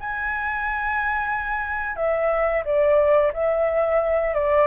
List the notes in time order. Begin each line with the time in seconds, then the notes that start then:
0.00 G#5
1.96 E5
2.65 D5
3.34 E5
4.35 D5